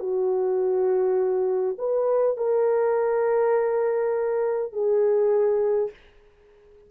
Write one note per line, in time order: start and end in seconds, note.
0.00 1.76 F#4
1.79 2.37 B4
2.37 4.73 A#4
4.73 5.90 G#4